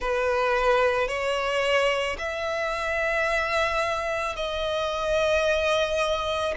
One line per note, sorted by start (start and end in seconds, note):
0.00 1.08 B4
1.08 2.17 C#5
2.18 4.36 E5
4.36 6.54 D#5